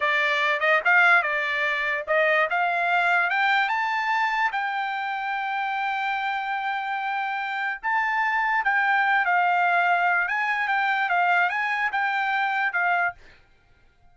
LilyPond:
\new Staff \with { instrumentName = "trumpet" } { \time 4/4 \tempo 4 = 146 d''4. dis''8 f''4 d''4~ | d''4 dis''4 f''2 | g''4 a''2 g''4~ | g''1~ |
g''2. a''4~ | a''4 g''4. f''4.~ | f''4 gis''4 g''4 f''4 | gis''4 g''2 f''4 | }